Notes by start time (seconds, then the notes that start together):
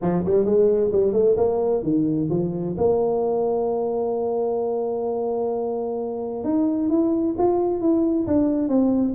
0.01 F3
0.25 G3
0.45 G#3
0.92 G3
1.12 A3
1.36 A#3
1.82 D#3
2.30 F3
2.77 A#3
6.44 D#4
6.89 E4
7.37 F4
7.80 E4
8.27 D4
8.68 C4